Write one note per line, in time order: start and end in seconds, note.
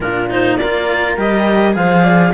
0.00 0.57 A#2
0.00 0.29 D4
0.00 0.60 F4
0.00 0.30 A#4
0.29 0.59 D#4
0.29 0.56 C5
0.56 1.17 A#3
0.56 1.76 A#4
0.56 1.15 D5
0.63 1.17 F4
1.17 1.75 G3
1.17 1.72 G4
1.17 1.74 D#5
1.72 2.34 F3
1.72 2.31 G#4
1.72 2.03 C5
1.72 2.33 F5
2.03 2.32 D5